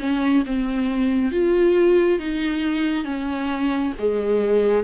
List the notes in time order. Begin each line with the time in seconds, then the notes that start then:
0.00 C#4
0.46 C4
1.32 F4
2.20 D#4
3.05 C#4
3.99 G#3